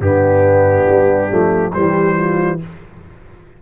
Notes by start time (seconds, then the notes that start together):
0.00 G2 B3 D4 G4
0.88 G3
1.29 F3 A3
1.73 E3 G3 G4 C5
2.16 F4